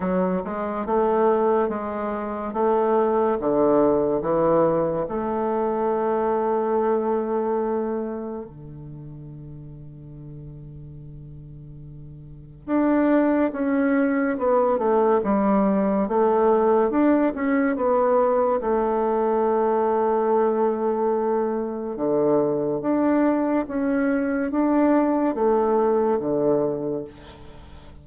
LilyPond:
\new Staff \with { instrumentName = "bassoon" } { \time 4/4 \tempo 4 = 71 fis8 gis8 a4 gis4 a4 | d4 e4 a2~ | a2 d2~ | d2. d'4 |
cis'4 b8 a8 g4 a4 | d'8 cis'8 b4 a2~ | a2 d4 d'4 | cis'4 d'4 a4 d4 | }